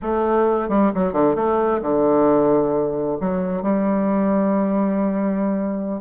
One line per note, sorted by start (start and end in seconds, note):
0.02 0.69 A3
0.69 0.91 G3
0.94 1.13 F#3
1.13 1.35 D3
1.35 1.81 A3
1.81 3.18 D3
3.20 3.62 F#3
3.62 6.01 G3